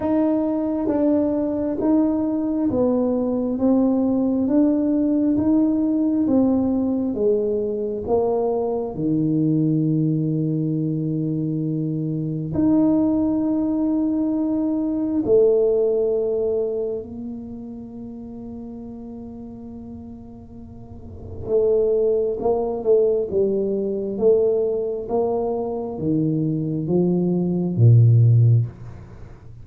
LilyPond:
\new Staff \with { instrumentName = "tuba" } { \time 4/4 \tempo 4 = 67 dis'4 d'4 dis'4 b4 | c'4 d'4 dis'4 c'4 | gis4 ais4 dis2~ | dis2 dis'2~ |
dis'4 a2 ais4~ | ais1 | a4 ais8 a8 g4 a4 | ais4 dis4 f4 ais,4 | }